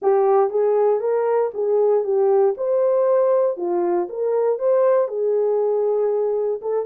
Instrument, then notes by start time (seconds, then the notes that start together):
horn
0.02 G4
0.50 G#4
1.00 A#4
1.53 G#4
2.04 G4
2.57 C5
3.57 F4
4.09 A#4
4.58 C5
5.07 G#4
6.61 A4